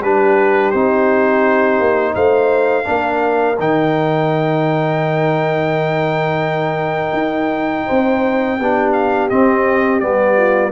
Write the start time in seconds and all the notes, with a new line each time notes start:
0.00 G3 D4 G4 B4
0.71 C4 D#4 C5
1.79 A#3
2.14 A3 C5 F5
2.84 A#3 D4 A#4
3.59 D#3 D#4 G5
7.12 D#4
7.86 C4 C5
8.59 B3 D4 G4
8.93 F5
9.30 C4 D#5
10.00 G3 B3 D5
10.37 F4